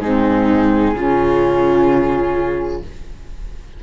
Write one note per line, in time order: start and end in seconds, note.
0.00 0.93 G#2
0.00 0.95 C4
0.00 0.95 D#4
0.00 2.82 G#4
0.93 2.81 C#3
0.93 2.82 C#4
0.93 2.83 F4